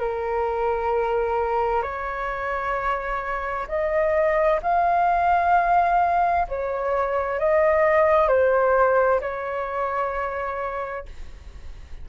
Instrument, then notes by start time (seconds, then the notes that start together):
flute
0.00 A#4
1.83 C#5
3.68 D#5
4.63 F5
6.49 C#5
7.39 D#5
8.28 C5
9.21 C#5